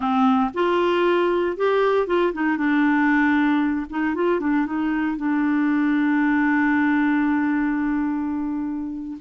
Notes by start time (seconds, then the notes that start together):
0.00 C4
0.54 F4
1.57 G4
2.07 F4
2.33 D#4
2.57 D4
3.89 D#4
4.14 F4
4.40 D4
4.66 D#4
5.16 D4